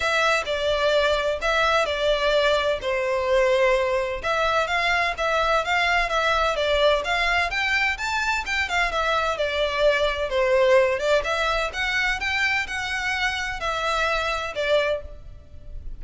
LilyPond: \new Staff \with { instrumentName = "violin" } { \time 4/4 \tempo 4 = 128 e''4 d''2 e''4 | d''2 c''2~ | c''4 e''4 f''4 e''4 | f''4 e''4 d''4 f''4 |
g''4 a''4 g''8 f''8 e''4 | d''2 c''4. d''8 | e''4 fis''4 g''4 fis''4~ | fis''4 e''2 d''4 | }